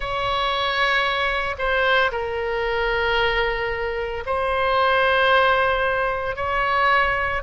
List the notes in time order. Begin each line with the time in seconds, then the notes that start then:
0.00 C#5
1.58 C5
2.11 A#4
4.26 C5
6.36 C#5